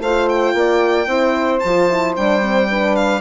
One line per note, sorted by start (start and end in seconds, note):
0.00 0.54 A3
0.00 0.55 C5
0.00 0.29 F5
0.06 1.08 F4
0.29 1.60 G5
0.54 1.07 A#3
0.54 1.08 D5
1.07 1.61 C4
1.07 1.61 E4
1.07 2.68 C5
1.60 2.18 F3
1.60 1.90 F4
1.60 2.13 A5
1.90 2.16 E4
2.17 3.22 G3
2.17 2.42 D4
2.17 2.96 G5
2.42 2.68 C4
2.69 3.22 D4
2.69 3.22 B4
2.96 3.22 F5